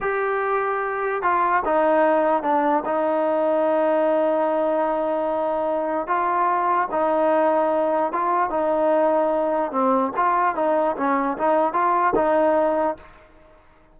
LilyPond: \new Staff \with { instrumentName = "trombone" } { \time 4/4 \tempo 4 = 148 g'2. f'4 | dis'2 d'4 dis'4~ | dis'1~ | dis'2. f'4~ |
f'4 dis'2. | f'4 dis'2. | c'4 f'4 dis'4 cis'4 | dis'4 f'4 dis'2 | }